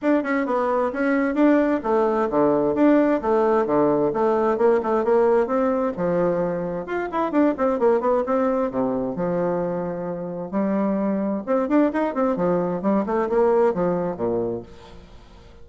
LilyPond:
\new Staff \with { instrumentName = "bassoon" } { \time 4/4 \tempo 4 = 131 d'8 cis'8 b4 cis'4 d'4 | a4 d4 d'4 a4 | d4 a4 ais8 a8 ais4 | c'4 f2 f'8 e'8 |
d'8 c'8 ais8 b8 c'4 c4 | f2. g4~ | g4 c'8 d'8 dis'8 c'8 f4 | g8 a8 ais4 f4 ais,4 | }